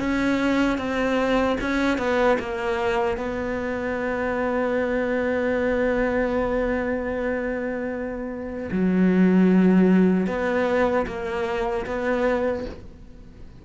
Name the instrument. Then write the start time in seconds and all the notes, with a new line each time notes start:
cello
0.00 C#4
0.78 C4
1.61 C#4
1.98 B3
2.39 A#3
3.17 B3
8.72 F#3
10.27 B3
11.07 A#3
11.86 B3